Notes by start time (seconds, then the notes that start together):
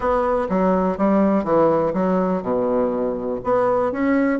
0.00 B3
0.49 F#3
0.97 G3
1.43 E3
1.93 F#3
2.42 B2
3.44 B3
3.92 C#4